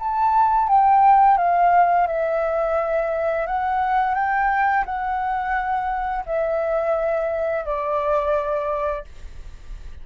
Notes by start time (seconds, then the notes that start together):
0.00 A5
0.68 G5
1.38 F5
2.08 E5
3.47 F#5
4.15 G5
4.86 F#5
6.26 E5
7.66 D5